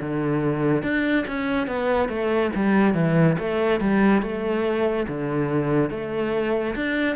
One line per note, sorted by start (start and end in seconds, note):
0.00 0.83 D3
0.83 1.25 D4
1.27 1.67 C#4
1.67 2.08 B3
2.08 2.50 A3
2.55 2.94 G3
2.94 3.36 E3
3.39 3.80 A3
3.80 4.22 G3
4.22 5.06 A3
5.08 5.90 D3
5.90 6.75 A3
6.75 7.16 D4